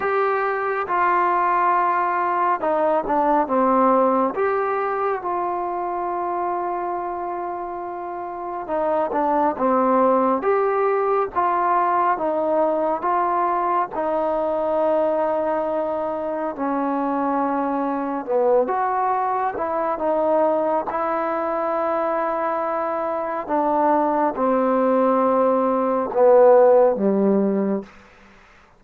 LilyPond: \new Staff \with { instrumentName = "trombone" } { \time 4/4 \tempo 4 = 69 g'4 f'2 dis'8 d'8 | c'4 g'4 f'2~ | f'2 dis'8 d'8 c'4 | g'4 f'4 dis'4 f'4 |
dis'2. cis'4~ | cis'4 b8 fis'4 e'8 dis'4 | e'2. d'4 | c'2 b4 g4 | }